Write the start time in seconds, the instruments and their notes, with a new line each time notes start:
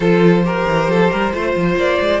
0.00 cello F3, viola F4, violin A4 C5
0.44 viola G4, violin A#4
0.67 cello E3
0.88 cello F3, violin A4
1.10 cello G3, violin A#4
1.33 cello A3, viola F4, violin C5
1.55 cello F3
1.76 cello A#3, violin D5
2.01 cello G#3